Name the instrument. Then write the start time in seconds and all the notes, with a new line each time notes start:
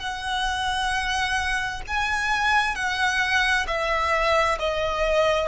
violin
0.00 F#5
1.87 G#5
2.76 F#5
3.67 E5
4.60 D#5